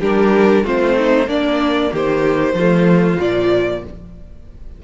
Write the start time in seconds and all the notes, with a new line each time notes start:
0.00 G3 D4 G4 A#4
0.63 A3 C4 F4 C5
0.97 D#4
1.27 A#3 D4 D5
1.92 D#3 G4 C5
2.53 F3 A3 F4
3.18 A#2 F3 D5